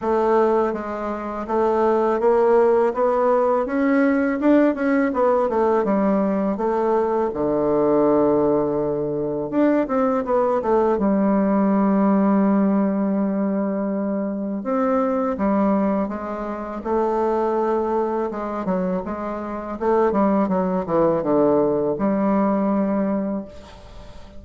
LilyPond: \new Staff \with { instrumentName = "bassoon" } { \time 4/4 \tempo 4 = 82 a4 gis4 a4 ais4 | b4 cis'4 d'8 cis'8 b8 a8 | g4 a4 d2~ | d4 d'8 c'8 b8 a8 g4~ |
g1 | c'4 g4 gis4 a4~ | a4 gis8 fis8 gis4 a8 g8 | fis8 e8 d4 g2 | }